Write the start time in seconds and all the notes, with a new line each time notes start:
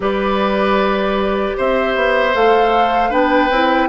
0.00 G3 G4 B4 D5
1.57 C4 C5 E5
1.95 B3
2.33 A3 A4 F5
3.10 B3 D4 B4 G5
3.50 C4 E4